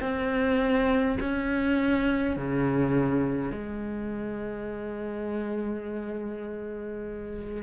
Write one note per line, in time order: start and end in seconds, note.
0.00 1.18 C4
1.20 2.36 C#4
2.36 3.51 C#3
3.51 7.63 G#3